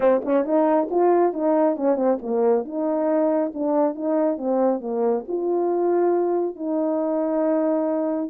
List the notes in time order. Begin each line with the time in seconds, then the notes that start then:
0.00 C4
0.24 C#4
0.44 D#4
0.90 F4
1.33 D#4
1.76 C#4
1.96 C4
2.22 A#3
2.65 D#4
3.54 D4
3.95 D#4
4.37 C4
4.80 A#3
5.28 F4
6.55 D#4